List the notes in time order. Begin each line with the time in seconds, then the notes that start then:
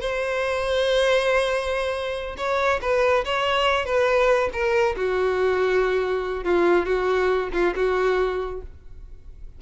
0.00 C5
2.37 C#5
2.81 B4
3.24 C#5
3.85 B4
4.53 A#4
4.96 F#4
6.44 F4
6.85 F#4
7.52 F4
7.76 F#4